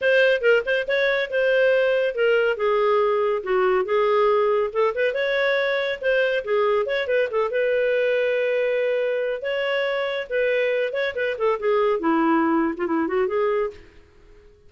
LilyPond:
\new Staff \with { instrumentName = "clarinet" } { \time 4/4 \tempo 4 = 140 c''4 ais'8 c''8 cis''4 c''4~ | c''4 ais'4 gis'2 | fis'4 gis'2 a'8 b'8 | cis''2 c''4 gis'4 |
cis''8 b'8 a'8 b'2~ b'8~ | b'2 cis''2 | b'4. cis''8 b'8 a'8 gis'4 | e'4.~ e'16 f'16 e'8 fis'8 gis'4 | }